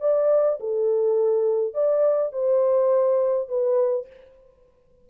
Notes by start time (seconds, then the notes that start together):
0.00 D5
0.60 A4
1.73 D5
2.32 C5
3.48 B4